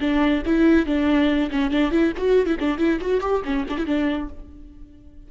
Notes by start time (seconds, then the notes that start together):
0.00 D4
0.45 E4
0.86 D4
1.51 C#4
1.71 D4
1.91 E4
2.17 F#4
2.46 E4
2.59 D4
2.78 E4
3.01 F#4
3.21 G4
3.45 C#4
3.69 D4
3.77 E4
3.86 D4